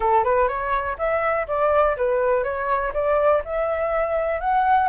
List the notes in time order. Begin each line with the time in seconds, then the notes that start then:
0.00 A4
0.24 B4
0.48 C#5
0.98 E5
1.47 D5
1.96 B4
2.43 C#5
2.93 D5
3.44 E5
4.40 F#5